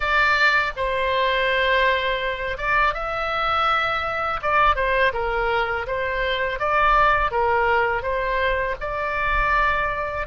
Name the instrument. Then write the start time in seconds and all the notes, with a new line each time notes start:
oboe
0.00 D5
0.76 C5
2.57 D5
2.94 E5
4.42 D5
4.75 C5
5.13 A#4
5.87 C5
6.59 D5
7.31 A#4
8.02 C5
8.80 D5